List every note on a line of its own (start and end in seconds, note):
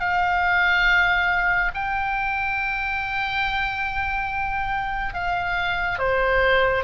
0.00 1.71 F5
1.74 5.14 G5
5.14 5.99 F5
5.99 6.84 C5